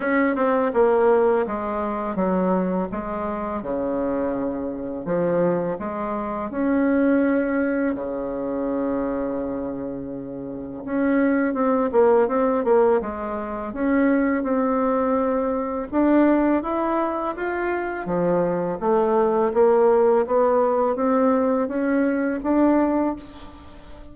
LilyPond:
\new Staff \with { instrumentName = "bassoon" } { \time 4/4 \tempo 4 = 83 cis'8 c'8 ais4 gis4 fis4 | gis4 cis2 f4 | gis4 cis'2 cis4~ | cis2. cis'4 |
c'8 ais8 c'8 ais8 gis4 cis'4 | c'2 d'4 e'4 | f'4 f4 a4 ais4 | b4 c'4 cis'4 d'4 | }